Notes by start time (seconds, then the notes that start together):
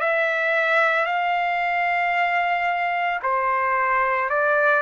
0.00 E5
1.06 F5
3.22 C5
4.30 D5